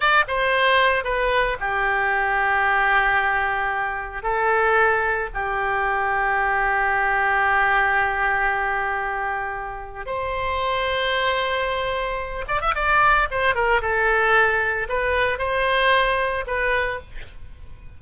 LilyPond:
\new Staff \with { instrumentName = "oboe" } { \time 4/4 \tempo 4 = 113 d''8 c''4. b'4 g'4~ | g'1 | a'2 g'2~ | g'1~ |
g'2. c''4~ | c''2.~ c''8 d''16 e''16 | d''4 c''8 ais'8 a'2 | b'4 c''2 b'4 | }